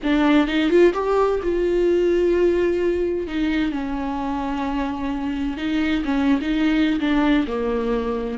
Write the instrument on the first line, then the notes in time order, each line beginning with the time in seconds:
viola
0.03 D4
0.47 D#4
0.70 F4
0.93 G4
1.42 F4
3.27 D#4
3.71 C#4
5.57 D#4
6.05 C#4
6.41 D#4
7.00 D4
7.47 A#3